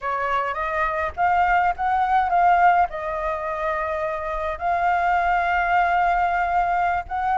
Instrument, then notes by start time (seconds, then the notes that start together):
flute
0.01 C#5
0.53 D#5
1.16 F5
1.76 F#5
2.29 F5
2.89 D#5
4.58 F5
7.08 F#5